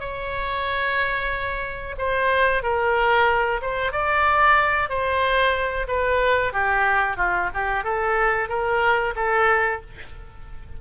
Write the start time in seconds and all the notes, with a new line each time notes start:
0.00 C#5
1.98 C5
2.63 A#4
3.62 C5
3.92 D5
4.89 C5
5.88 B4
6.53 G4
7.17 F4
7.54 G4
7.84 A4
8.49 A#4
9.16 A4